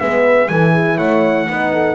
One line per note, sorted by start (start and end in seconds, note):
0.00 0.50 G#3
0.00 0.51 B3
0.00 0.50 B4
0.00 0.48 E5
0.48 0.99 E3
0.48 1.49 E4
0.48 0.73 A4
0.48 0.98 G#5
0.73 0.97 G#4
0.97 1.48 A3
0.97 1.46 C#5
0.97 1.96 F#5
1.49 1.96 B3
1.49 1.96 D#4
1.49 1.73 B4
1.73 1.96 A4